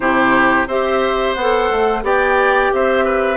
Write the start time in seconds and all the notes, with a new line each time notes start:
0.00 C3 E4 G4 C5
0.67 C4 G4 C5 E5
1.34 B3 F#5
1.40 A4
1.70 A3
2.03 B3 G4 D5 G5
2.72 C4 C5 E5
3.04 B4